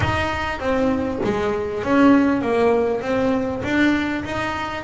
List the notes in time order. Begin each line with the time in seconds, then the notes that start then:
0.00 D#4
0.59 C4
1.24 G#3
1.83 C#4
2.41 A#3
3.01 C4
3.63 D4
4.24 D#4